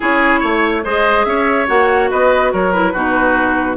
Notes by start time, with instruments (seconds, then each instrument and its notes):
0.00 bassoon C#4, clarinet E4, oboe G#4, flute C#5
0.40 bassoon A3, oboe C#5
0.84 bassoon G#3, clarinet G#4, oboe C5, flute D#5
1.24 bassoon C#4, oboe C#5, flute E5
1.67 bassoon A#3, clarinet F#4, flute F#5
2.10 bassoon B3, oboe B4, flute D#5
2.52 bassoon F#3, oboe A#4, flute C#5
2.72 clarinet E4, flute B4
2.92 bassoon B2, clarinet D#4, oboe F#4